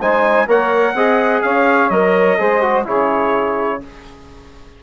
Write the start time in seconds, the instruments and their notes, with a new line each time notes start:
0.00 bassoon G#3, trombone D#4, saxophone C5, trumpet G#5
0.46 bassoon A#3, trombone A#4, saxophone C#5, trumpet F#5
0.94 bassoon C4, trombone G#4, saxophone D#5
1.42 bassoon C#4, saxophone C#5, trumpet F5
1.90 bassoon F#3, trombone A#4, trumpet D#5
2.38 bassoon G#3, trombone G#4, saxophone C5
2.62 trombone F#4
2.85 bassoon C#3, trombone E4, saxophone G#4, trumpet C#5